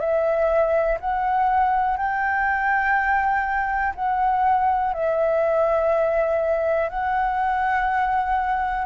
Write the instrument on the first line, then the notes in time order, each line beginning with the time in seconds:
flute
0.00 E5
1.01 F#5
1.97 G5
3.95 F#5
4.94 E5
6.89 F#5